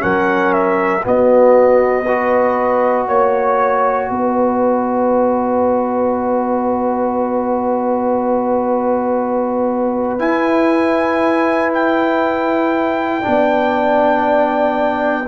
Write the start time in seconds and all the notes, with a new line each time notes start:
0.00 F#3 C#4 A#4 F#5
0.53 E5
1.04 B3 F#4 D#5
2.05 F#4 B4
3.08 A#3 C#5
4.10 B3 B4 D#5
10.19 E4 G#5
11.74 G5
13.22 B3 D4 D5